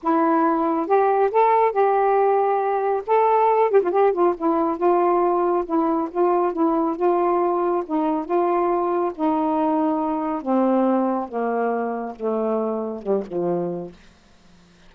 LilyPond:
\new Staff \with { instrumentName = "saxophone" } { \time 4/4 \tempo 4 = 138 e'2 g'4 a'4 | g'2. a'4~ | a'8 g'16 f'16 g'8 f'8 e'4 f'4~ | f'4 e'4 f'4 e'4 |
f'2 dis'4 f'4~ | f'4 dis'2. | c'2 ais2 | a2 g8 f4. | }